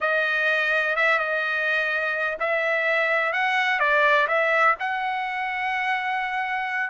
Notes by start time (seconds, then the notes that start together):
0.01 D#5
0.96 E5
1.18 D#5
2.39 E5
3.32 F#5
3.79 D5
4.27 E5
4.79 F#5